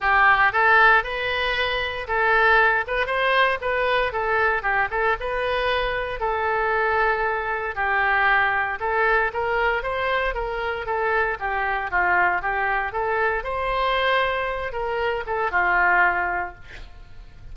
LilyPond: \new Staff \with { instrumentName = "oboe" } { \time 4/4 \tempo 4 = 116 g'4 a'4 b'2 | a'4. b'8 c''4 b'4 | a'4 g'8 a'8 b'2 | a'2. g'4~ |
g'4 a'4 ais'4 c''4 | ais'4 a'4 g'4 f'4 | g'4 a'4 c''2~ | c''8 ais'4 a'8 f'2 | }